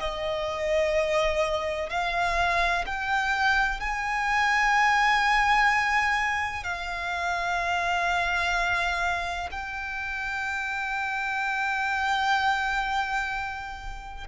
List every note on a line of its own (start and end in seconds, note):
0.00 1.90 D#5
1.90 2.85 F5
2.87 3.81 G5
3.81 6.64 G#5
6.64 9.50 F5
9.52 14.28 G5